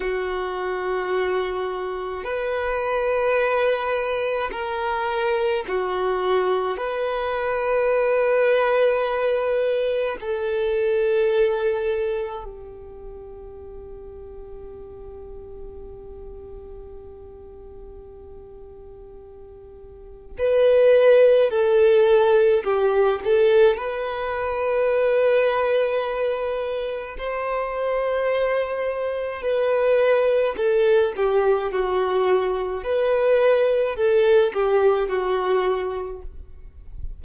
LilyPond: \new Staff \with { instrumentName = "violin" } { \time 4/4 \tempo 4 = 53 fis'2 b'2 | ais'4 fis'4 b'2~ | b'4 a'2 g'4~ | g'1~ |
g'2 b'4 a'4 | g'8 a'8 b'2. | c''2 b'4 a'8 g'8 | fis'4 b'4 a'8 g'8 fis'4 | }